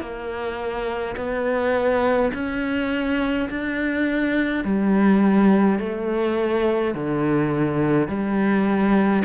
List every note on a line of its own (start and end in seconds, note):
0.00 1.15 A#3
1.16 2.31 B3
2.33 3.48 C#4
3.49 4.64 D4
4.64 5.78 G3
5.78 6.94 A3
6.94 8.08 D3
8.08 9.23 G3